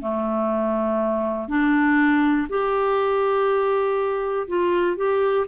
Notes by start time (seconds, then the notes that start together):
0.00 A3
1.48 D4
2.49 G4
4.47 F4
4.96 G4